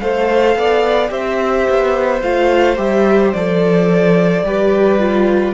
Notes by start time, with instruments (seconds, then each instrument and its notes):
0.00 cello A3, viola A4, violin C5 F5
0.55 cello B3, violin D5
1.08 cello C4, viola G4, violin C5 E5
1.70 cello B3
2.22 cello A3, viola F4, violin F5
2.77 cello G3, viola G4, violin E5
3.33 cello F3, viola A4, violin D5
4.43 cello G3, viola G4, violin B4
4.99 viola F4